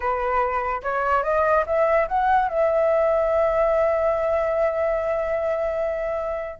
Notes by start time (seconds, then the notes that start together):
0.00 B4
0.83 C#5
1.23 D#5
1.66 E5
2.07 F#5
2.48 E5